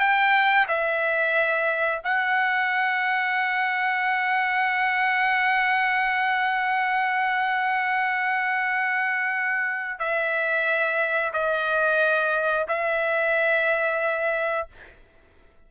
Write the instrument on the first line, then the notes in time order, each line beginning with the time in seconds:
trumpet
0.00 G5
0.68 E5
2.04 F#5
10.00 E5
11.33 D#5
12.68 E5